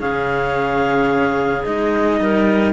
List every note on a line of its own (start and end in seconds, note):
0.00 1.66 C#3
0.00 1.64 C#4
0.00 2.18 G#4
0.00 1.65 F5
1.65 2.20 G#3
1.65 2.73 D#4
1.65 2.73 D#5
2.20 2.73 G3
2.20 2.73 A#4